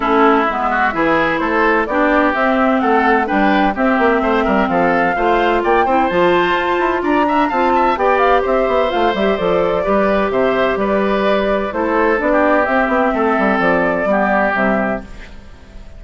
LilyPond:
<<
  \new Staff \with { instrumentName = "flute" } { \time 4/4 \tempo 4 = 128 a'4 e''2 c''4 | d''4 e''4 fis''4 g''4 | e''2 f''2 | g''4 a''2 ais''4 |
a''4 g''8 f''8 e''4 f''8 e''8 | d''2 e''4 d''4~ | d''4 c''4 d''4 e''4~ | e''4 d''2 e''4 | }
  \new Staff \with { instrumentName = "oboe" } { \time 4/4 e'4. fis'8 gis'4 a'4 | g'2 a'4 b'4 | g'4 c''8 ais'8 a'4 c''4 | d''8 c''2~ c''8 d''8 e''8 |
f''8 e''8 d''4 c''2~ | c''4 b'4 c''4 b'4~ | b'4 a'4~ a'16 g'4.~ g'16 | a'2 g'2 | }
  \new Staff \with { instrumentName = "clarinet" } { \time 4/4 cis'4 b4 e'2 | d'4 c'2 d'4 | c'2. f'4~ | f'8 e'8 f'2~ f'8 d'8 |
f'4 g'2 f'8 g'8 | a'4 g'2.~ | g'4 e'4 d'4 c'4~ | c'2 b4 g4 | }
  \new Staff \with { instrumentName = "bassoon" } { \time 4/4 a4 gis4 e4 a4 | b4 c'4 a4 g4 | c'8 ais8 a8 g8 f4 a4 | ais8 c'8 f4 f'8 e'8 d'4 |
c'4 b4 c'8 b8 a8 g8 | f4 g4 c4 g4~ | g4 a4 b4 c'8 b8 | a8 g8 f4 g4 c4 | }
>>